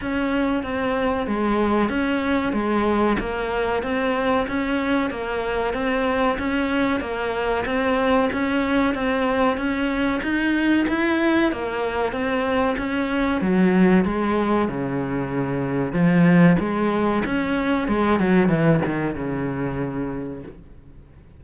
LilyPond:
\new Staff \with { instrumentName = "cello" } { \time 4/4 \tempo 4 = 94 cis'4 c'4 gis4 cis'4 | gis4 ais4 c'4 cis'4 | ais4 c'4 cis'4 ais4 | c'4 cis'4 c'4 cis'4 |
dis'4 e'4 ais4 c'4 | cis'4 fis4 gis4 cis4~ | cis4 f4 gis4 cis'4 | gis8 fis8 e8 dis8 cis2 | }